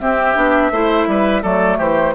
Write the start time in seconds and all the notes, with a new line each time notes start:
0.00 C4 G4 E5
0.36 B3 D4
0.71 A3 E4 C5
1.07 G3 B4
1.42 F#3 A3 A4 D5
1.78 E3 G4 C5